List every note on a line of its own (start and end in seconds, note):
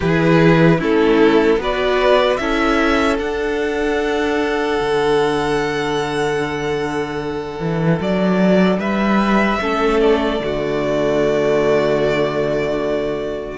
0.00 0.81 E3
0.00 0.79 E4
0.00 0.77 G#4
0.00 0.81 B4
0.79 1.57 A3
0.79 1.58 C#4
0.79 1.59 E4
0.79 1.62 A4
1.57 2.37 B3
1.57 2.38 F#4
1.57 2.40 B4
1.57 2.36 D5
2.36 3.19 C#4
2.36 3.18 E4
2.36 8.79 A4
2.36 3.16 E5
3.18 9.58 D4
3.18 4.79 D4
3.18 7.99 F#5
4.80 7.59 D3
7.59 7.99 E3
8.00 8.77 F#3
8.00 8.79 D5
8.77 9.57 G3
8.77 9.59 B4
8.77 10.00 E5
9.60 10.39 A3
9.60 10.40 C#4
9.60 10.42 A4
10.00 13.58 D5
10.39 13.58 D3
10.39 13.58 A3
10.39 13.58 F#4